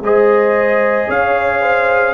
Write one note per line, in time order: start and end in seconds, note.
0.00 1.07 G#3
0.00 2.14 G#4
0.00 1.08 C5
0.00 1.10 D#5
1.08 2.14 C#4
1.08 1.61 C#5
1.08 2.14 F5
1.61 2.14 C5